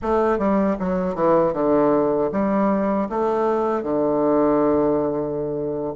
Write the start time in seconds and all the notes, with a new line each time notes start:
0.01 A3
0.38 G3
0.79 F#3
1.14 E3
1.53 D3
2.31 G3
3.09 A3
3.82 D3